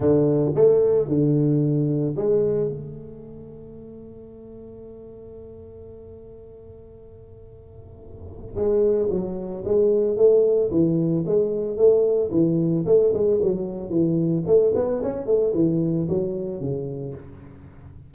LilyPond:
\new Staff \with { instrumentName = "tuba" } { \time 4/4 \tempo 4 = 112 d4 a4 d2 | gis4 a2.~ | a1~ | a1 |
gis4 fis4 gis4 a4 | e4 gis4 a4 e4 | a8 gis8 fis4 e4 a8 b8 | cis'8 a8 e4 fis4 cis4 | }